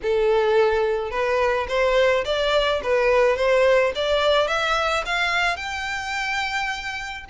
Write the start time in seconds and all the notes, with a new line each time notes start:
0.02 A4
1.10 B4
1.68 C5
2.24 D5
2.83 B4
3.36 C5
3.95 D5
4.47 E5
5.05 F5
5.56 G5